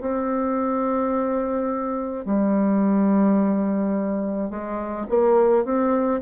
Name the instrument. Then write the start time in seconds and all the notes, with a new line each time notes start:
bassoon
0.00 C4
2.25 G3
4.50 G#3
5.08 A#3
5.64 C4